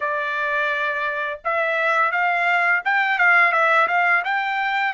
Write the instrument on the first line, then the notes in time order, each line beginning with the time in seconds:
trumpet
0.00 D5
1.44 E5
2.11 F5
2.84 G5
3.18 F5
3.52 E5
3.87 F5
4.24 G5